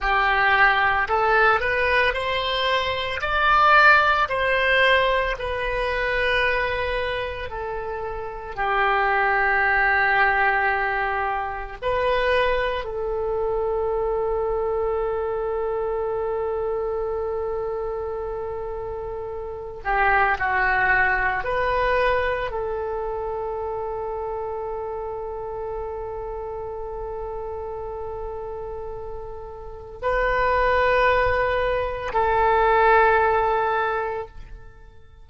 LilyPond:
\new Staff \with { instrumentName = "oboe" } { \time 4/4 \tempo 4 = 56 g'4 a'8 b'8 c''4 d''4 | c''4 b'2 a'4 | g'2. b'4 | a'1~ |
a'2~ a'8 g'8 fis'4 | b'4 a'2.~ | a'1 | b'2 a'2 | }